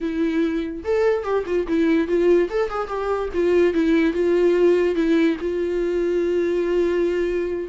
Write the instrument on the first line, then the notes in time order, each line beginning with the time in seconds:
viola
0.00 E4
0.84 A4
1.23 G4
1.46 F4
1.67 E4
2.07 F4
2.49 A4
2.69 G#4
2.87 G4
3.33 F4
3.73 E4
4.13 F4
4.95 E4
5.40 F4